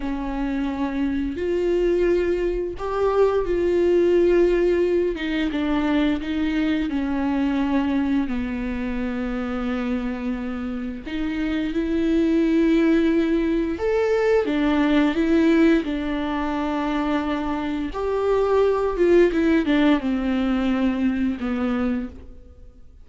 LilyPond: \new Staff \with { instrumentName = "viola" } { \time 4/4 \tempo 4 = 87 cis'2 f'2 | g'4 f'2~ f'8 dis'8 | d'4 dis'4 cis'2 | b1 |
dis'4 e'2. | a'4 d'4 e'4 d'4~ | d'2 g'4. f'8 | e'8 d'8 c'2 b4 | }